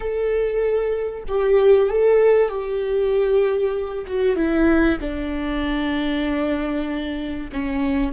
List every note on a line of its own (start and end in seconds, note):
0.00 1.23 A4
1.28 1.89 G4
1.89 2.48 A4
2.48 4.05 G4
4.06 4.36 F#4
4.36 4.98 E4
5.00 7.50 D4
7.52 8.12 C#4